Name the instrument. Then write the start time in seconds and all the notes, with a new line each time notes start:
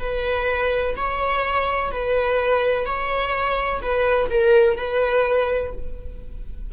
viola
0.00 B4
0.97 C#5
1.91 B4
2.86 C#5
3.82 B4
4.30 A#4
4.77 B4